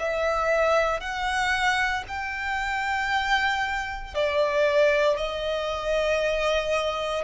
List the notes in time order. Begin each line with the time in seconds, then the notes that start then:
0.00 E5
1.01 F#5
2.08 G5
4.15 D5
5.18 D#5